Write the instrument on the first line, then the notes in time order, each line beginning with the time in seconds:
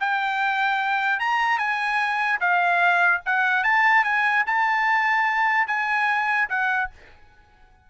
trumpet
0.00 G5
1.19 A#5
1.58 G#5
2.40 F5
3.26 F#5
3.64 A5
4.04 G#5
4.46 A5
5.67 G#5
6.49 F#5